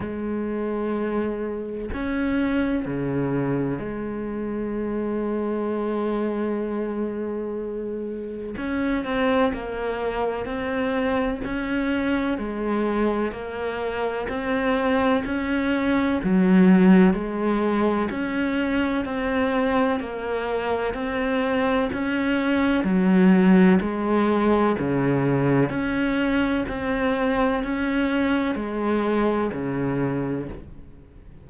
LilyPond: \new Staff \with { instrumentName = "cello" } { \time 4/4 \tempo 4 = 63 gis2 cis'4 cis4 | gis1~ | gis4 cis'8 c'8 ais4 c'4 | cis'4 gis4 ais4 c'4 |
cis'4 fis4 gis4 cis'4 | c'4 ais4 c'4 cis'4 | fis4 gis4 cis4 cis'4 | c'4 cis'4 gis4 cis4 | }